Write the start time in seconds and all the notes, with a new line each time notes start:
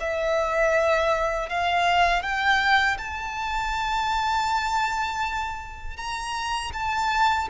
0.00 E5
1.49 F5
2.22 G5
2.98 A5
5.97 A#5
6.73 A5